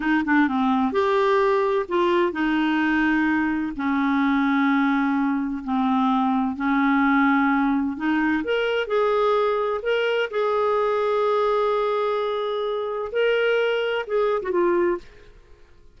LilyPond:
\new Staff \with { instrumentName = "clarinet" } { \time 4/4 \tempo 4 = 128 dis'8 d'8 c'4 g'2 | f'4 dis'2. | cis'1 | c'2 cis'2~ |
cis'4 dis'4 ais'4 gis'4~ | gis'4 ais'4 gis'2~ | gis'1 | ais'2 gis'8. fis'16 f'4 | }